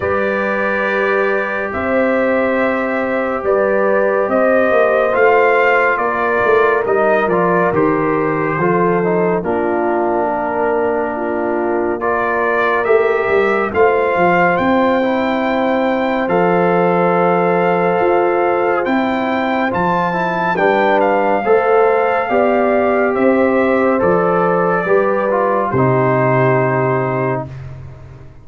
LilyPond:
<<
  \new Staff \with { instrumentName = "trumpet" } { \time 4/4 \tempo 4 = 70 d''2 e''2 | d''4 dis''4 f''4 d''4 | dis''8 d''8 c''2 ais'4~ | ais'2 d''4 e''4 |
f''4 g''2 f''4~ | f''2 g''4 a''4 | g''8 f''2~ f''8 e''4 | d''2 c''2 | }
  \new Staff \with { instrumentName = "horn" } { \time 4/4 b'2 c''2 | b'4 c''2 ais'4~ | ais'2 a'4 f'4 | ais'4 f'4 ais'2 |
c''1~ | c''1 | b'4 c''4 d''4 c''4~ | c''4 b'4 g'2 | }
  \new Staff \with { instrumentName = "trombone" } { \time 4/4 g'1~ | g'2 f'2 | dis'8 f'8 g'4 f'8 dis'8 d'4~ | d'2 f'4 g'4 |
f'4. e'4. a'4~ | a'2 e'4 f'8 e'8 | d'4 a'4 g'2 | a'4 g'8 f'8 dis'2 | }
  \new Staff \with { instrumentName = "tuba" } { \time 4/4 g2 c'2 | g4 c'8 ais8 a4 ais8 a8 | g8 f8 dis4 f4 ais4~ | ais2. a8 g8 |
a8 f8 c'2 f4~ | f4 f'4 c'4 f4 | g4 a4 b4 c'4 | f4 g4 c2 | }
>>